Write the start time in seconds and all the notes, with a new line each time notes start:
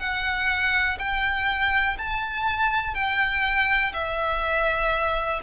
0.00 F#5
0.99 G5
1.98 A5
2.95 G5
3.93 E5